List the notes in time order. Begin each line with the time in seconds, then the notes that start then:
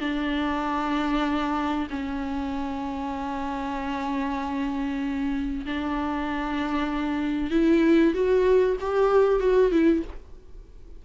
0.00 D4
1.90 C#4
5.65 D4
7.51 E4
8.14 F#4
8.80 G4
9.40 F#4
9.72 E4